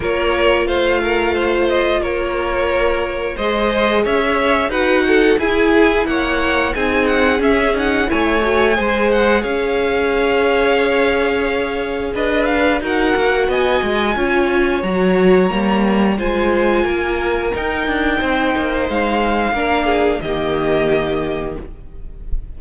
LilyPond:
<<
  \new Staff \with { instrumentName = "violin" } { \time 4/4 \tempo 4 = 89 cis''4 f''4. dis''8 cis''4~ | cis''4 dis''4 e''4 fis''4 | gis''4 fis''4 gis''8 fis''8 e''8 fis''8 | gis''4. fis''8 f''2~ |
f''2 dis''8 f''8 fis''4 | gis''2 ais''2 | gis''2 g''2 | f''2 dis''2 | }
  \new Staff \with { instrumentName = "violin" } { \time 4/4 ais'4 c''8 ais'8 c''4 ais'4~ | ais'4 c''4 cis''4 b'8 a'8 | gis'4 cis''4 gis'2 | cis''4 c''4 cis''2~ |
cis''2 b'4 ais'4 | dis''4 cis''2. | c''4 ais'2 c''4~ | c''4 ais'8 gis'8 g'2 | }
  \new Staff \with { instrumentName = "viola" } { \time 4/4 f'1~ | f'4 gis'2 fis'4 | e'2 dis'4 cis'8 dis'8 | e'8 fis'8 gis'2.~ |
gis'2. fis'4~ | fis'4 f'4 fis'4 ais4 | f'2 dis'2~ | dis'4 d'4 ais2 | }
  \new Staff \with { instrumentName = "cello" } { \time 4/4 ais4 a2 ais4~ | ais4 gis4 cis'4 dis'4 | e'4 ais4 c'4 cis'4 | a4 gis4 cis'2~ |
cis'2 d'4 dis'8 ais8 | b8 gis8 cis'4 fis4 g4 | gis4 ais4 dis'8 d'8 c'8 ais8 | gis4 ais4 dis2 | }
>>